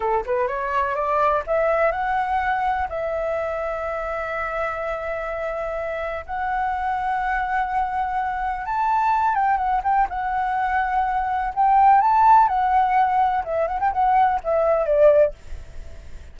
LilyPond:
\new Staff \with { instrumentName = "flute" } { \time 4/4 \tempo 4 = 125 a'8 b'8 cis''4 d''4 e''4 | fis''2 e''2~ | e''1~ | e''4 fis''2.~ |
fis''2 a''4. g''8 | fis''8 g''8 fis''2. | g''4 a''4 fis''2 | e''8 fis''16 g''16 fis''4 e''4 d''4 | }